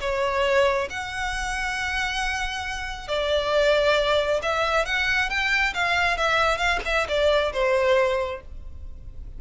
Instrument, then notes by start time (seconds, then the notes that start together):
violin
0.00 C#5
0.90 F#5
3.08 D5
4.42 E5
4.85 F#5
5.29 G5
5.74 F5
6.17 E5
6.58 F5
6.85 E5
7.08 D5
7.53 C5